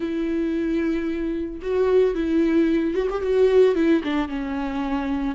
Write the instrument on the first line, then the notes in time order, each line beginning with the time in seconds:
viola
0.00 E4
1.62 F#4
2.14 E4
2.94 F#4
3.09 G4
3.21 F#4
3.75 E4
4.03 D4
4.28 C#4